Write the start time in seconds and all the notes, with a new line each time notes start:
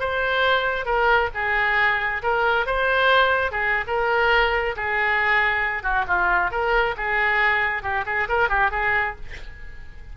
0.00 C5
0.86 A#4
1.34 G#4
2.23 A#4
2.66 C5
3.52 G#4
3.87 A#4
4.76 G#4
5.83 F#4
6.08 F4
6.51 A#4
6.97 G#4
7.83 G4
8.06 G#4
8.29 A#4
8.49 G4
8.71 G#4